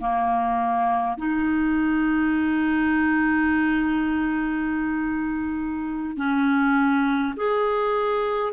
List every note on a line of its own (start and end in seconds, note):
0.00 1.18 A#3
1.18 6.17 D#4
6.17 7.35 C#4
7.37 8.53 G#4